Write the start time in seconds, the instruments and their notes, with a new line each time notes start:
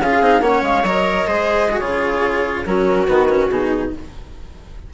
0.00 bassoon C#4, cello F4, viola G#4, flute F5
0.21 bassoon C4, cello D#4
0.41 bassoon A#3, cello C#4, viola C#5, flute F#5
0.62 bassoon G#3, flute F5
0.83 bassoon F#3, cello A#4, flute D#5
1.27 bassoon G#3, cello G#4, viola C5
1.70 cello F#4, viola G#4
1.79 bassoon C#3, cello F4, flute C#5
2.66 bassoon F#3, cello C#4, viola F#4, flute A#4
3.07 bassoon D#3, cello B3, flute B4
3.29 cello C#4
3.49 bassoon B2, cello D#4, flute G#4